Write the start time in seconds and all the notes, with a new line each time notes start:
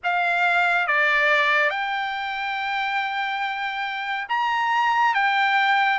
0.03 F5
0.87 D5
1.69 G5
4.28 A#5
5.14 G5